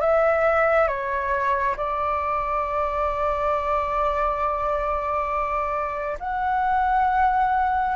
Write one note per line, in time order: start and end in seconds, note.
0.00 0.87 E5
0.87 1.75 C#5
1.76 6.18 D5
6.19 7.96 F#5